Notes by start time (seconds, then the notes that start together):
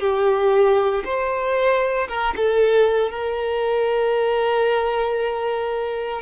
0.00 G4
1.04 C5
2.08 A#4
2.37 A4
3.11 A#4